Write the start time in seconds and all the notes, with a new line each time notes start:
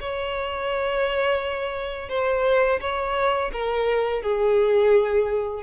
0.00 C#5
2.09 C5
2.80 C#5
3.52 A#4
4.22 G#4